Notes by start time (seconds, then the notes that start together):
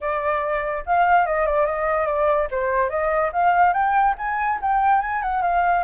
0.00 D5
0.85 F5
1.26 D#5
1.45 D5
1.66 D#5
2.06 D5
2.50 C5
2.89 D#5
3.32 F5
3.73 G5
4.18 G#5
4.61 G5
5.01 G#5
5.22 F#5
5.42 F5